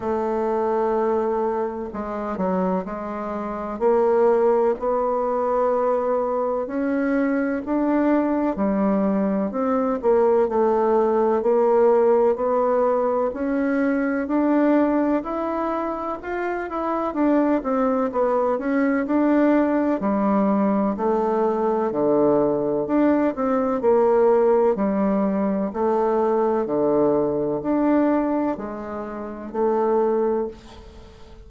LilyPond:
\new Staff \with { instrumentName = "bassoon" } { \time 4/4 \tempo 4 = 63 a2 gis8 fis8 gis4 | ais4 b2 cis'4 | d'4 g4 c'8 ais8 a4 | ais4 b4 cis'4 d'4 |
e'4 f'8 e'8 d'8 c'8 b8 cis'8 | d'4 g4 a4 d4 | d'8 c'8 ais4 g4 a4 | d4 d'4 gis4 a4 | }